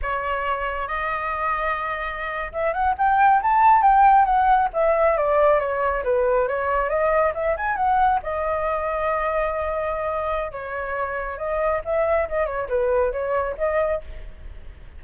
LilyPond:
\new Staff \with { instrumentName = "flute" } { \time 4/4 \tempo 4 = 137 cis''2 dis''2~ | dis''4.~ dis''16 e''8 fis''8 g''4 a''16~ | a''8. g''4 fis''4 e''4 d''16~ | d''8. cis''4 b'4 cis''4 dis''16~ |
dis''8. e''8 gis''8 fis''4 dis''4~ dis''16~ | dis''1 | cis''2 dis''4 e''4 | dis''8 cis''8 b'4 cis''4 dis''4 | }